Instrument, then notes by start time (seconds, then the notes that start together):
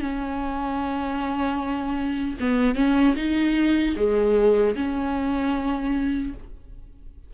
viola
0.00 C#4
2.40 B3
2.75 C#4
3.16 D#4
3.96 G#3
4.75 C#4